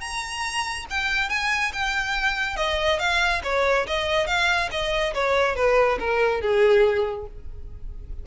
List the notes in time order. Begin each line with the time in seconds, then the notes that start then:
0.00 A#5
0.90 G5
1.29 G#5
1.72 G5
2.56 D#5
2.99 F5
3.43 C#5
3.86 D#5
4.26 F5
4.71 D#5
5.14 C#5
5.56 B4
5.99 A#4
6.41 G#4